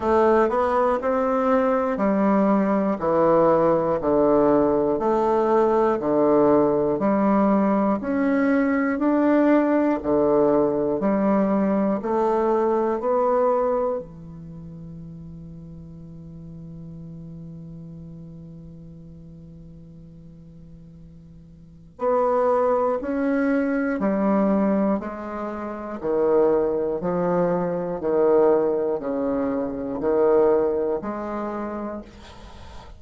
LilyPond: \new Staff \with { instrumentName = "bassoon" } { \time 4/4 \tempo 4 = 60 a8 b8 c'4 g4 e4 | d4 a4 d4 g4 | cis'4 d'4 d4 g4 | a4 b4 e2~ |
e1~ | e2 b4 cis'4 | g4 gis4 dis4 f4 | dis4 cis4 dis4 gis4 | }